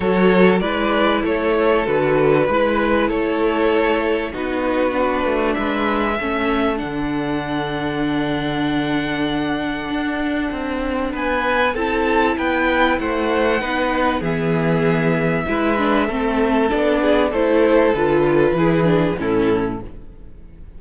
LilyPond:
<<
  \new Staff \with { instrumentName = "violin" } { \time 4/4 \tempo 4 = 97 cis''4 d''4 cis''4 b'4~ | b'4 cis''2 b'4~ | b'4 e''2 fis''4~ | fis''1~ |
fis''2 gis''4 a''4 | g''4 fis''2 e''4~ | e''2. d''4 | c''4 b'2 a'4 | }
  \new Staff \with { instrumentName = "violin" } { \time 4/4 a'4 b'4 a'2 | b'4 a'2 fis'4~ | fis'4 b'4 a'2~ | a'1~ |
a'2 b'4 a'4 | b'4 c''4 b'4 gis'4~ | gis'4 b'4 a'4. gis'8 | a'2 gis'4 e'4 | }
  \new Staff \with { instrumentName = "viola" } { \time 4/4 fis'4 e'2 fis'4 | e'2. dis'4 | d'2 cis'4 d'4~ | d'1~ |
d'2. e'4~ | e'2 dis'4 b4~ | b4 e'8 d'8 c'4 d'4 | e'4 f'4 e'8 d'8 cis'4 | }
  \new Staff \with { instrumentName = "cello" } { \time 4/4 fis4 gis4 a4 d4 | gis4 a2 b4~ | b8 a8 gis4 a4 d4~ | d1 |
d'4 c'4 b4 c'4 | b4 a4 b4 e4~ | e4 gis4 a4 b4 | a4 d4 e4 a,4 | }
>>